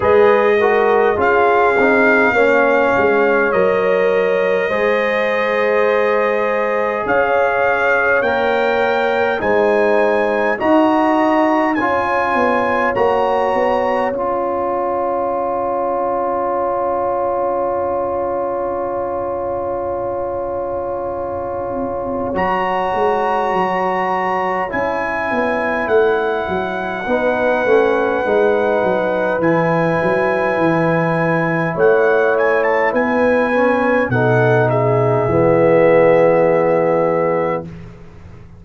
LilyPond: <<
  \new Staff \with { instrumentName = "trumpet" } { \time 4/4 \tempo 4 = 51 dis''4 f''2 dis''4~ | dis''2 f''4 g''4 | gis''4 ais''4 gis''4 ais''4 | gis''1~ |
gis''2. ais''4~ | ais''4 gis''4 fis''2~ | fis''4 gis''2 fis''8 gis''16 a''16 | gis''4 fis''8 e''2~ e''8 | }
  \new Staff \with { instrumentName = "horn" } { \time 4/4 b'8 ais'8 gis'4 cis''2 | c''2 cis''2 | c''4 dis''4 cis''2~ | cis''1~ |
cis''1~ | cis''2. b'4~ | b'2. cis''4 | b'4 a'8 gis'2~ gis'8 | }
  \new Staff \with { instrumentName = "trombone" } { \time 4/4 gis'8 fis'8 f'8 dis'8 cis'4 ais'4 | gis'2. ais'4 | dis'4 fis'4 f'4 fis'4 | f'1~ |
f'2. fis'4~ | fis'4 e'2 dis'8 cis'8 | dis'4 e'2.~ | e'8 cis'8 dis'4 b2 | }
  \new Staff \with { instrumentName = "tuba" } { \time 4/4 gis4 cis'8 c'8 ais8 gis8 fis4 | gis2 cis'4 ais4 | gis4 dis'4 cis'8 b8 ais8 b8 | cis'1~ |
cis'2. fis8 gis8 | fis4 cis'8 b8 a8 fis8 b8 a8 | gis8 fis8 e8 fis8 e4 a4 | b4 b,4 e2 | }
>>